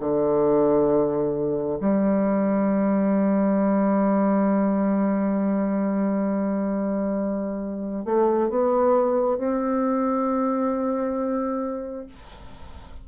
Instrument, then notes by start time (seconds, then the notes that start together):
bassoon
0.00 D3
1.80 G3
8.05 A3
8.49 B3
9.37 C4